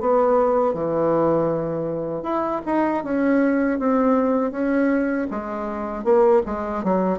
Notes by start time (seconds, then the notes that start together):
0.00 B3
0.74 E3
2.23 E4
2.66 D#4
3.04 C#4
3.79 C4
4.51 C#4
5.31 G#3
6.04 A#3
6.46 G#3
6.84 F#3